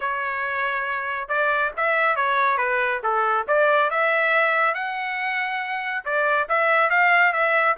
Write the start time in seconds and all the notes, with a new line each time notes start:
0.00 C#5
1.28 D5
1.76 E5
2.16 C#5
2.57 B4
3.03 A4
3.47 D5
3.90 E5
4.74 F#5
6.04 D5
6.48 E5
6.90 F5
7.33 E5